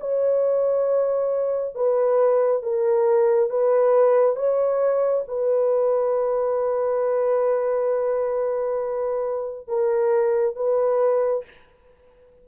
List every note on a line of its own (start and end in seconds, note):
0.00 1.74 C#5
1.74 2.62 B4
2.62 3.49 A#4
3.49 4.36 B4
4.36 5.24 C#5
5.27 9.67 B4
9.67 10.56 A#4
10.56 11.44 B4